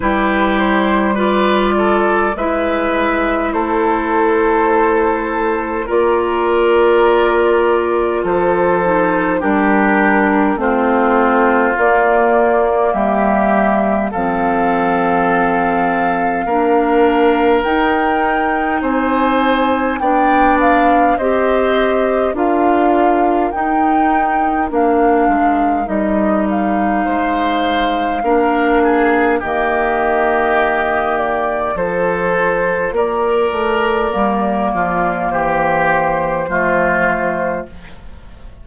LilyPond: <<
  \new Staff \with { instrumentName = "flute" } { \time 4/4 \tempo 4 = 51 b'8 c''8 d''4 e''4 c''4~ | c''4 d''2 c''4 | ais'4 c''4 d''4 e''4 | f''2. g''4 |
gis''4 g''8 f''8 dis''4 f''4 | g''4 f''4 dis''8 f''4.~ | f''4 dis''4. d''8 c''4 | d''2 c''2 | }
  \new Staff \with { instrumentName = "oboe" } { \time 4/4 g'4 b'8 a'8 b'4 a'4~ | a'4 ais'2 a'4 | g'4 f'2 g'4 | a'2 ais'2 |
c''4 d''4 c''4 ais'4~ | ais'2. c''4 | ais'8 gis'8 g'2 a'4 | ais'4. f'8 g'4 f'4 | }
  \new Staff \with { instrumentName = "clarinet" } { \time 4/4 e'4 f'4 e'2~ | e'4 f'2~ f'8 dis'8 | d'4 c'4 ais2 | c'2 d'4 dis'4~ |
dis'4 d'4 g'4 f'4 | dis'4 d'4 dis'2 | d'4 ais2 f'4~ | f'4 ais2 a4 | }
  \new Staff \with { instrumentName = "bassoon" } { \time 4/4 g2 gis4 a4~ | a4 ais2 f4 | g4 a4 ais4 g4 | f2 ais4 dis'4 |
c'4 b4 c'4 d'4 | dis'4 ais8 gis8 g4 gis4 | ais4 dis2 f4 | ais8 a8 g8 f8 e4 f4 | }
>>